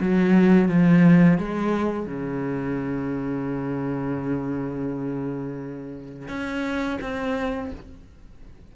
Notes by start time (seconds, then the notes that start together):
0.00 F#3
0.68 F3
1.38 G#3
2.06 C#3
6.28 C#4
7.01 C4